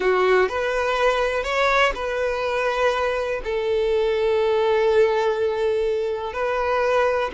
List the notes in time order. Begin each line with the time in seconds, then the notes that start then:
0.00 F#4
0.48 B4
1.43 C#5
1.94 B4
3.44 A4
6.33 B4